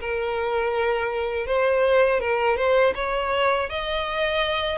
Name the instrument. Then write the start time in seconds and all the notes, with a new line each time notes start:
violin
0.00 A#4
1.46 C5
2.20 A#4
2.57 C5
2.95 C#5
3.69 D#5